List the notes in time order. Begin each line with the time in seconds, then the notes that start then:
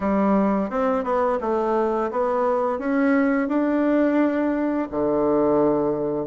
0.00 G3
0.70 C4
1.03 B3
1.40 A3
2.11 B3
2.78 C#4
3.48 D4
4.91 D3